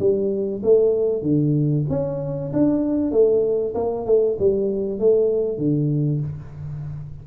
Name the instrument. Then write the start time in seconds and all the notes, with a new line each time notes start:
tuba
0.00 G3
0.64 A3
1.23 D3
1.90 C#4
2.53 D4
3.12 A3
3.75 A#3
4.06 A3
4.39 G3
5.00 A3
5.59 D3